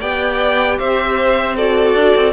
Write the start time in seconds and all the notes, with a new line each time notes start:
0.00 B3 G4 D5 G5
0.79 C4 C5 E5
1.56 F#4 A4 D5
1.95 D4
2.16 C4